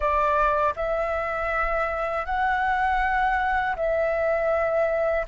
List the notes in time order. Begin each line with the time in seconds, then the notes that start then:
0.00 D5
0.76 E5
2.25 F#5
3.76 E5